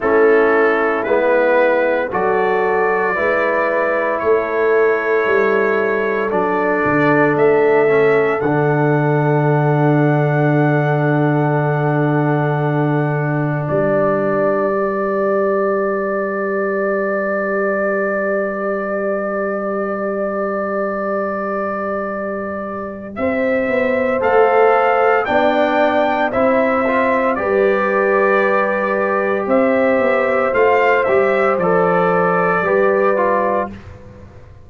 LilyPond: <<
  \new Staff \with { instrumentName = "trumpet" } { \time 4/4 \tempo 4 = 57 a'4 b'4 d''2 | cis''2 d''4 e''4 | fis''1~ | fis''4 d''2.~ |
d''1~ | d''2 e''4 f''4 | g''4 e''4 d''2 | e''4 f''8 e''8 d''2 | }
  \new Staff \with { instrumentName = "horn" } { \time 4/4 e'2 a'4 b'4 | a'1~ | a'1~ | a'4 b'2.~ |
b'1~ | b'2 c''2 | d''4 c''4 b'2 | c''2. b'4 | }
  \new Staff \with { instrumentName = "trombone" } { \time 4/4 cis'4 b4 fis'4 e'4~ | e'2 d'4. cis'8 | d'1~ | d'2 g'2~ |
g'1~ | g'2. a'4 | d'4 e'8 f'8 g'2~ | g'4 f'8 g'8 a'4 g'8 f'8 | }
  \new Staff \with { instrumentName = "tuba" } { \time 4/4 a4 gis4 fis4 gis4 | a4 g4 fis8 d8 a4 | d1~ | d4 g2.~ |
g1~ | g2 c'8 b8 a4 | b4 c'4 g2 | c'8 b8 a8 g8 f4 g4 | }
>>